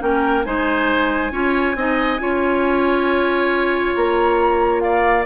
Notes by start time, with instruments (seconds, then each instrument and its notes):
0.00 bassoon A#3, clarinet C#4, oboe A#4, flute G5
0.44 bassoon G#3, clarinet D#4, oboe C5, flute G#5
1.31 bassoon C#4, clarinet F4, oboe C#5
1.75 bassoon C4, clarinet D#4, oboe D#5
2.20 bassoon C#4, clarinet F4, oboe C#5
3.96 bassoon A#3, flute A#5
4.80 oboe D5, flute F5